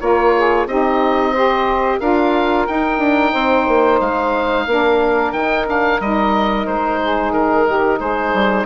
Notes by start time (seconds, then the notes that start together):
0.00 A#3 F4 A#4 C#5
0.36 G#4
0.66 C4 D#4 G4 D#5
1.32 G4 C5
1.99 D4 F4 A#4 F5
2.67 D#4 G5
2.99 D4
3.32 C4 C5
3.68 A#3
4.01 G#3 F5
4.67 A#3 D4 A#4
5.32 D#3 D#4 G5
5.66 D4 F5
6.00 G3 D#4 D#5
6.67 G#3 C5
7.01 G#4
7.32 D#3 A#4
7.67 G4
7.98 G#3 G#4 C5
8.34 G3